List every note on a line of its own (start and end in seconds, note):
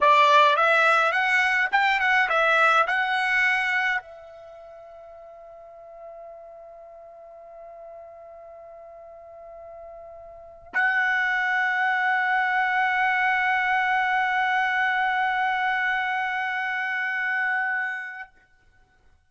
0.01 0.56 D5
0.56 1.11 E5
1.11 1.69 F#5
1.71 2.00 G5
2.00 2.28 F#5
2.29 2.86 E5
2.87 4.01 F#5
4.01 10.72 E5
10.73 18.30 F#5